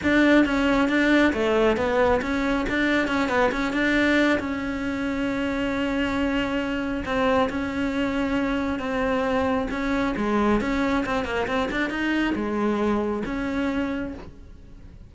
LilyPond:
\new Staff \with { instrumentName = "cello" } { \time 4/4 \tempo 4 = 136 d'4 cis'4 d'4 a4 | b4 cis'4 d'4 cis'8 b8 | cis'8 d'4. cis'2~ | cis'1 |
c'4 cis'2. | c'2 cis'4 gis4 | cis'4 c'8 ais8 c'8 d'8 dis'4 | gis2 cis'2 | }